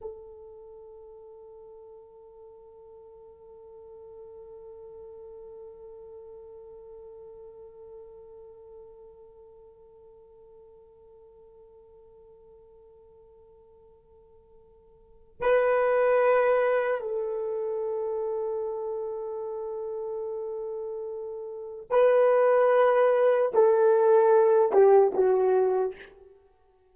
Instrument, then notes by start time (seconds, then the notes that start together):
horn
0.01 A4
15.41 B4
17.00 A4
21.90 B4
23.54 A4
24.72 G4
25.14 F#4